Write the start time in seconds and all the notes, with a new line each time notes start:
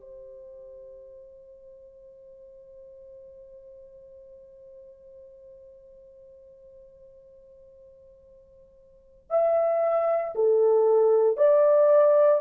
0.00 C5
9.30 E5
10.34 A4
11.37 D5